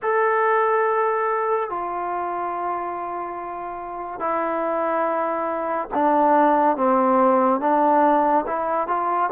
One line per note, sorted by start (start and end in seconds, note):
0.02 1.69 A4
1.69 4.19 F4
4.19 5.88 E4
5.93 6.76 D4
6.76 7.60 C4
7.60 8.45 D4
8.46 8.87 E4
8.87 9.30 F4